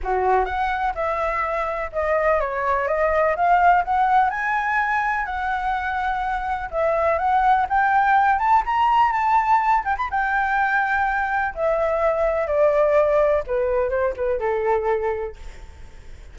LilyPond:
\new Staff \with { instrumentName = "flute" } { \time 4/4 \tempo 4 = 125 fis'4 fis''4 e''2 | dis''4 cis''4 dis''4 f''4 | fis''4 gis''2 fis''4~ | fis''2 e''4 fis''4 |
g''4. a''8 ais''4 a''4~ | a''8 g''16 b''16 g''2. | e''2 d''2 | b'4 c''8 b'8 a'2 | }